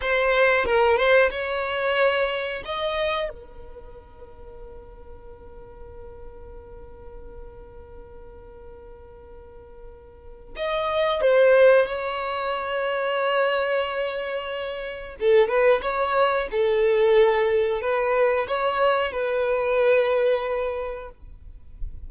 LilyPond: \new Staff \with { instrumentName = "violin" } { \time 4/4 \tempo 4 = 91 c''4 ais'8 c''8 cis''2 | dis''4 ais'2.~ | ais'1~ | ais'1 |
dis''4 c''4 cis''2~ | cis''2. a'8 b'8 | cis''4 a'2 b'4 | cis''4 b'2. | }